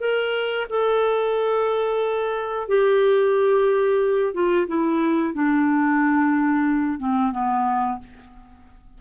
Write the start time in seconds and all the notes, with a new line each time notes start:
0.00 A#4
0.69 A4
2.68 G4
4.34 F4
4.67 E4
5.34 D4
6.99 C4
7.32 B3